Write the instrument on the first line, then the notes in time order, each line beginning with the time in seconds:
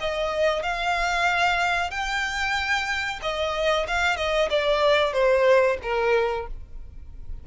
violin
0.00 D#5
0.62 F5
1.91 G5
3.22 D#5
3.87 F5
4.16 D#5
4.50 D5
5.13 C5
5.82 A#4